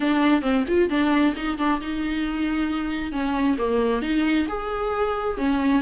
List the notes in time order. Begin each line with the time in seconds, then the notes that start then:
0.00 D4
0.42 C4
0.68 F4
0.89 D4
1.36 D#4
1.58 D4
1.80 D#4
3.11 C#4
3.58 A#3
4.02 D#4
4.48 G#4
5.37 C#4